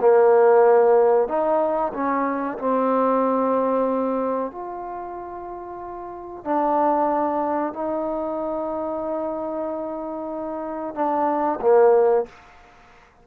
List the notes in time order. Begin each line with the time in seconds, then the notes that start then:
0.00 A#3
1.28 D#4
1.93 C#4
2.58 C4
4.51 F4
6.44 D4
7.73 D#4
10.94 D4
11.61 A#3